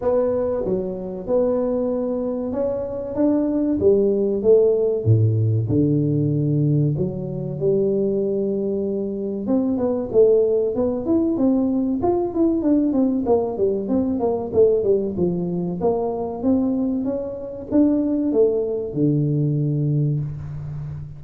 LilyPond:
\new Staff \with { instrumentName = "tuba" } { \time 4/4 \tempo 4 = 95 b4 fis4 b2 | cis'4 d'4 g4 a4 | a,4 d2 fis4 | g2. c'8 b8 |
a4 b8 e'8 c'4 f'8 e'8 | d'8 c'8 ais8 g8 c'8 ais8 a8 g8 | f4 ais4 c'4 cis'4 | d'4 a4 d2 | }